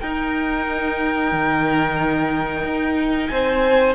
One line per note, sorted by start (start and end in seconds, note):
0.00 1.32 D#4
0.00 3.95 D#4
0.00 3.31 A#4
0.00 3.28 G5
1.32 2.64 D#3
2.64 3.30 D#4
3.28 3.95 C4
3.28 3.95 C5
3.28 3.94 G#5